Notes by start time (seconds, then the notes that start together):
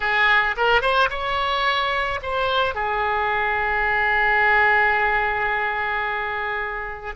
0.00 G#4
0.57 A#4
0.81 C5
1.09 C#5
2.22 C5
2.74 G#4